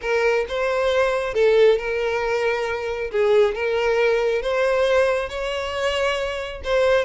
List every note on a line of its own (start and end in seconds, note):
0.01 0.45 A#4
0.48 1.34 C5
1.34 1.78 A4
1.78 3.10 A#4
3.11 3.54 G#4
3.54 4.42 A#4
4.42 5.29 C5
5.29 6.61 C#5
6.64 7.04 C5